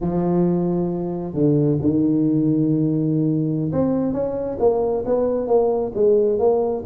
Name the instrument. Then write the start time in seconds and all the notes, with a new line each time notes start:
tuba
0.00 F3
1.33 D3
1.81 D#3
3.72 C4
4.13 C#4
4.59 A#3
5.05 B3
5.47 A#3
5.94 G#3
6.38 A#3